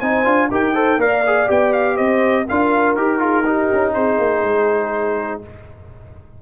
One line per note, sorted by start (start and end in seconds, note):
0.00 0.26 C4
0.00 0.25 D#4
0.00 0.49 C5
0.00 0.50 G#5
0.25 0.51 D4
0.25 0.50 F4
0.51 0.98 D#4
0.51 0.75 G4
0.51 0.74 A#4
0.51 1.01 G5
0.74 1.00 A4
0.74 0.99 C5
0.98 1.47 A#3
0.98 1.24 A#4
0.98 1.96 D5
0.98 1.50 F5
1.27 1.47 G#4
1.47 1.99 B3
1.47 2.46 G4
1.47 1.73 G5
1.73 1.97 F5
1.96 2.48 C4
1.96 2.45 C5
1.96 2.47 D#5
2.45 2.96 D4
2.45 2.98 F4
2.45 3.19 A#4
2.45 2.96 F5
2.96 3.70 D#4
2.96 3.19 G4
2.96 3.94 A#4
3.19 3.44 F4
3.19 3.45 G#4
3.46 5.43 D#4
3.46 3.94 G4
3.73 3.96 C#4
3.94 4.19 C4
3.94 5.42 G#4
3.94 5.41 C5
4.19 4.43 A#3
4.43 5.41 G#3